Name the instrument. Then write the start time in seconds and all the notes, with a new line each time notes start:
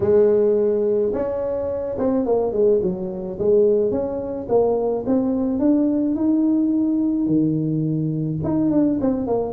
tuba
0.00 G#3
1.13 C#4
1.98 C4
2.25 A#3
2.52 G#3
2.82 F#3
3.38 G#3
3.91 C#4
4.49 A#3
5.06 C4
5.59 D4
6.15 D#4
7.26 D#3
8.43 D#4
8.71 D4
9.00 C4
9.26 A#3